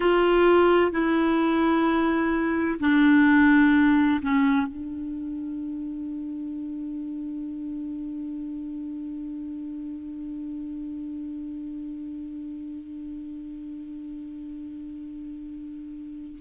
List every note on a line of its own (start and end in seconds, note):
0.00 0.91 F4
0.91 2.79 E4
2.80 4.20 D4
4.21 4.66 C#4
4.66 16.38 D4